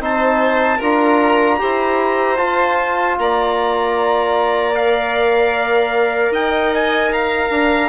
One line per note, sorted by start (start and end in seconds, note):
0.00 0.79 C4
0.00 0.79 D#4
0.00 0.77 C5
0.00 0.82 A5
0.77 1.60 D4
0.77 1.58 F4
0.77 1.56 A#4
0.77 2.37 A#5
1.58 2.39 E4
1.58 2.37 G4
1.58 3.19 C5
2.37 4.74 F4
2.37 3.18 F4
2.37 3.16 A5
3.18 6.31 A#3
3.18 6.33 D5
3.18 4.75 A#5
4.75 7.89 A#4
4.75 6.33 F5
6.31 7.49 D#4
6.31 7.12 D#5
6.31 6.74 G5
6.74 7.13 G#5
7.12 7.89 F5
7.12 7.89 A#5
7.50 7.89 D4